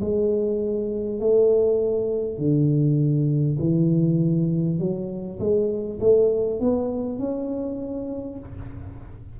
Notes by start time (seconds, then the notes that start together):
0.00 G#3
1.19 A3
2.37 D3
3.59 E3
4.78 F#3
5.39 G#3
6.00 A3
6.59 B3
7.18 C#4